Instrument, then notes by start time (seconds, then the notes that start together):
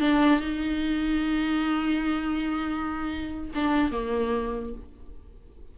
viola
0.00 D4
0.40 D#4
3.55 D4
3.91 A#3